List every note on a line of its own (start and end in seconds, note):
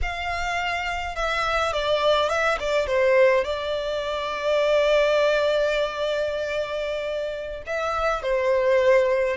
0.02 1.15 F5
1.15 1.73 E5
1.73 2.29 D5
2.29 2.58 E5
2.59 2.86 D5
2.86 3.44 C5
3.44 7.62 D5
7.66 8.22 E5
8.22 9.36 C5